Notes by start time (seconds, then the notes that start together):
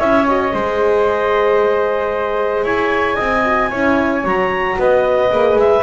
0.00 C#4 E4 C#5 E5
0.28 F#4 D#5
0.53 G#3 G#4 C5
2.64 E4 C#5 G#5
3.16 C4 D#5
3.45 F#4
3.70 C#4 E4 C#5
4.23 F#3 F#4 A#5
4.79 B3 B4 D#5
5.30 A#3 G#4
5.56 G#3 E5